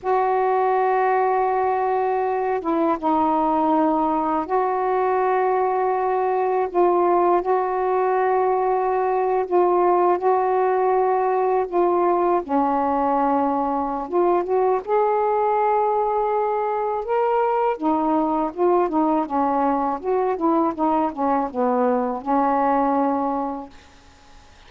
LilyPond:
\new Staff \with { instrumentName = "saxophone" } { \time 4/4 \tempo 4 = 81 fis'2.~ fis'8 e'8 | dis'2 fis'2~ | fis'4 f'4 fis'2~ | fis'8. f'4 fis'2 f'16~ |
f'8. cis'2~ cis'16 f'8 fis'8 | gis'2. ais'4 | dis'4 f'8 dis'8 cis'4 fis'8 e'8 | dis'8 cis'8 b4 cis'2 | }